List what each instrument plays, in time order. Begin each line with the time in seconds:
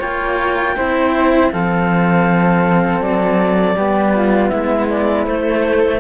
0.00 cello A#3 F4, flute C#5, clarinet G5
0.77 cello C4 E4, flute C5
1.52 cello F3 C4, flute A4, clarinet F5
3.01 cello F#3, clarinet D5
3.76 cello G3 B3, flute G4
4.15 flute F4
4.49 cello G#3, flute E4, clarinet E5
4.89 clarinet D5
5.25 cello A3, clarinet C5